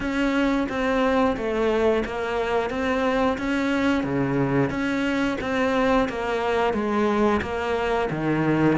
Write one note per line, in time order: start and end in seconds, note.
0.00 0.67 C#4
0.69 1.36 C4
1.36 2.04 A3
2.05 2.70 A#3
2.70 3.37 C4
3.38 4.03 C#4
4.03 4.70 C#3
4.70 5.37 C#4
5.41 6.08 C4
6.09 6.73 A#3
6.73 7.41 G#3
7.41 8.09 A#3
8.10 8.77 D#3